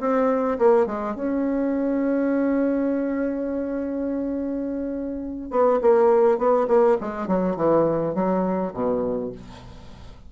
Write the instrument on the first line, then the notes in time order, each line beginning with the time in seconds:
bassoon
0.00 C4
0.59 A#3
0.87 G#3
1.15 C#4
5.51 B3
5.81 A#3
6.38 B3
6.68 A#3
7.01 G#3
7.28 F#3
7.56 E3
8.15 F#3
8.74 B2